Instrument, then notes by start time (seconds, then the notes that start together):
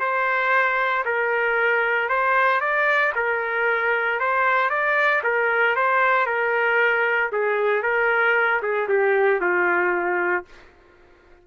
trumpet
0.00 C5
1.05 A#4
2.09 C5
2.61 D5
3.16 A#4
4.20 C5
4.70 D5
5.24 A#4
5.76 C5
6.27 A#4
7.33 G#4
7.83 A#4
8.63 G#4
8.89 G4
9.41 F4